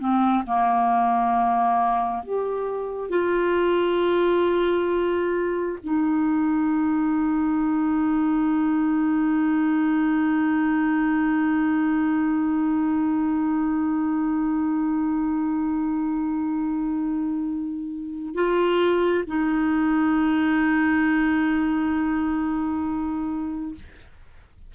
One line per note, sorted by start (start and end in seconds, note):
0.00 0.45 C4
0.47 2.24 A#3
2.24 3.10 G4
3.10 5.79 F4
5.84 18.35 D#4
18.35 19.25 F4
19.27 23.75 D#4